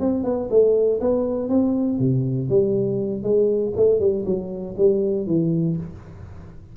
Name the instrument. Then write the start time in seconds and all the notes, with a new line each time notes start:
tuba
0.00 C4
0.24 B3
0.50 A3
1.01 B3
1.50 C4
1.99 C3
2.50 G3
3.23 G#3
3.76 A3
4.00 G3
4.26 F#3
4.78 G3
5.27 E3